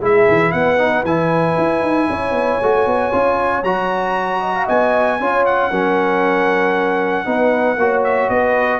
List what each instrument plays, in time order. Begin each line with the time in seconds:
0.00 tuba G#3, trombone E4, horn G#4, trumpet E5
0.28 tuba E3
0.52 tuba B3, horn B4, trumpet F#5
0.78 trombone D#4
1.04 tuba E3, trombone E4, trumpet G#5
1.57 tuba E4
1.82 tuba D#4
2.09 tuba C#4, horn C#5
2.31 tuba B3
2.62 tuba A3, trombone F#4
2.86 tuba B3
3.12 tuba C#4, trombone F4
3.63 tuba F#3, trombone F#4, trumpet A#5
4.40 horn D#5
4.55 horn F5
4.66 tuba B3, horn D#5, trumpet G#5
5.20 tuba C#4, trombone F4, horn C#5
5.45 trumpet F#5
5.70 tuba F#3, trombone C#4, horn A#4
7.25 tuba B3, trombone D#4, horn B4
7.77 tuba A#3, trombone F#4, horn C#5
8.04 trumpet E5
8.29 tuba B3, horn B4, trumpet D#5